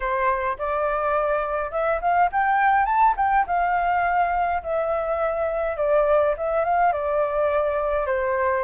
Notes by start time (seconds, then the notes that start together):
0.00 C5
0.58 D5
1.71 E5
2.01 F5
2.32 G5
2.85 A5
3.16 G5
3.46 F5
4.63 E5
5.77 D5
6.37 E5
6.64 F5
6.92 D5
8.06 C5